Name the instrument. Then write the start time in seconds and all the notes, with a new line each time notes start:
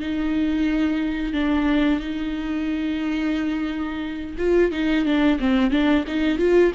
viola
0.00 D#4
1.33 D4
1.99 D#4
4.38 F4
4.71 D#4
5.05 D4
5.39 C4
5.71 D4
6.07 D#4
6.38 F4